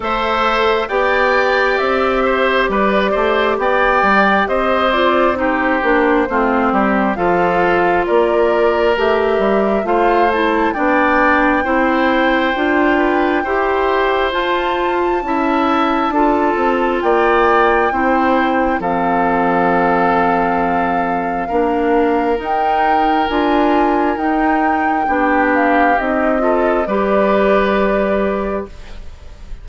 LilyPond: <<
  \new Staff \with { instrumentName = "flute" } { \time 4/4 \tempo 4 = 67 e''4 g''4 e''4 d''4 | g''4 dis''8 d''8 c''2 | f''4 d''4 e''4 f''8 a''8 | g''1 |
a''2. g''4~ | g''4 f''2.~ | f''4 g''4 gis''4 g''4~ | g''8 f''8 dis''4 d''2 | }
  \new Staff \with { instrumentName = "oboe" } { \time 4/4 c''4 d''4. c''8 b'8 c''8 | d''4 c''4 g'4 f'8 g'8 | a'4 ais'2 c''4 | d''4 c''4. b'8 c''4~ |
c''4 e''4 a'4 d''4 | c''4 a'2. | ais'1 | g'4. a'8 b'2 | }
  \new Staff \with { instrumentName = "clarinet" } { \time 4/4 a'4 g'2.~ | g'4. f'8 dis'8 d'8 c'4 | f'2 g'4 f'8 e'8 | d'4 e'4 f'4 g'4 |
f'4 e'4 f'2 | e'4 c'2. | d'4 dis'4 f'4 dis'4 | d'4 dis'8 f'8 g'2 | }
  \new Staff \with { instrumentName = "bassoon" } { \time 4/4 a4 b4 c'4 g8 a8 | b8 g8 c'4. ais8 a8 g8 | f4 ais4 a8 g8 a4 | b4 c'4 d'4 e'4 |
f'4 cis'4 d'8 c'8 ais4 | c'4 f2. | ais4 dis'4 d'4 dis'4 | b4 c'4 g2 | }
>>